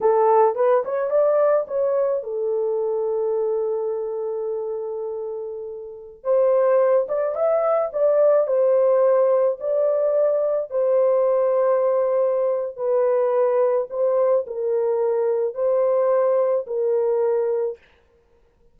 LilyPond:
\new Staff \with { instrumentName = "horn" } { \time 4/4 \tempo 4 = 108 a'4 b'8 cis''8 d''4 cis''4 | a'1~ | a'2.~ a'16 c''8.~ | c''8. d''8 e''4 d''4 c''8.~ |
c''4~ c''16 d''2 c''8.~ | c''2. b'4~ | b'4 c''4 ais'2 | c''2 ais'2 | }